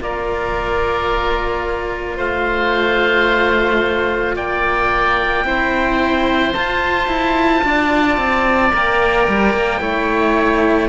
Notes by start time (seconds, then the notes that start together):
0.00 A#3 F4 A#4 D5
2.17 A3 C5 F5
4.35 A#3 D5 G5
5.44 C4 E4 C5
6.53 F4 A5
7.07 E4
7.64 D4 D5
8.17 C4
8.71 A#3 A#4 G5
9.28 G3
9.53 A#3
9.80 A3 E4 C#5